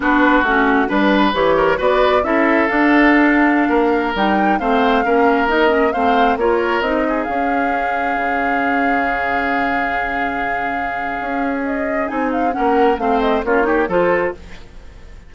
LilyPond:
<<
  \new Staff \with { instrumentName = "flute" } { \time 4/4 \tempo 4 = 134 b'4 fis'4 b'4 cis''4 | d''4 e''4 f''2~ | f''4~ f''16 g''4 f''4.~ f''16~ | f''16 dis''4 f''4 cis''4 dis''8.~ |
dis''16 f''2.~ f''8.~ | f''1~ | f''2 dis''4 gis''8 f''8 | fis''4 f''8 dis''8 cis''4 c''4 | }
  \new Staff \with { instrumentName = "oboe" } { \time 4/4 fis'2 b'4. ais'8 | b'4 a'2.~ | a'16 ais'2 c''4 ais'8.~ | ais'4~ ais'16 c''4 ais'4. gis'16~ |
gis'1~ | gis'1~ | gis'1 | ais'4 c''4 f'8 g'8 a'4 | }
  \new Staff \with { instrumentName = "clarinet" } { \time 4/4 d'4 cis'4 d'4 g'4 | fis'4 e'4 d'2~ | d'4~ d'16 dis'4 c'4 cis'8.~ | cis'16 dis'8 cis'8 c'4 f'4 dis'8.~ |
dis'16 cis'2.~ cis'8.~ | cis'1~ | cis'2. dis'4 | cis'4 c'4 cis'8 dis'8 f'4 | }
  \new Staff \with { instrumentName = "bassoon" } { \time 4/4 b4 a4 g4 e4 | b4 cis'4 d'2~ | d'16 ais4 g4 a4 ais8.~ | ais4~ ais16 a4 ais4 c'8.~ |
c'16 cis'2 cis4.~ cis16~ | cis1~ | cis4 cis'2 c'4 | ais4 a4 ais4 f4 | }
>>